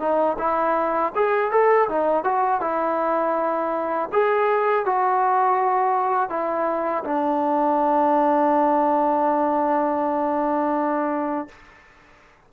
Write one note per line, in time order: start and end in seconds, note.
0.00 0.37 D#4
0.39 1.13 E4
1.15 1.52 G#4
1.52 1.89 A4
1.89 2.25 D#4
2.25 2.61 F#4
2.61 4.09 E4
4.13 4.86 G#4
4.86 6.30 F#4
6.30 7.04 E4
7.04 11.49 D4